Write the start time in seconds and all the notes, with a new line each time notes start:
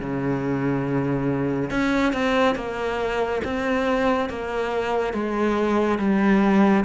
0.00 C#3
1.70 C#4
2.13 C4
2.56 A#3
3.44 C4
4.29 A#3
5.13 G#3
5.98 G3